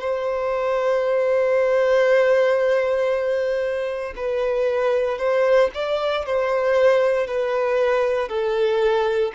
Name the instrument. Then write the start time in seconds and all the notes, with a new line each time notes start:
violin
0.00 C5
4.16 B4
5.18 C5
5.74 D5
6.25 C5
7.26 B4
8.29 A4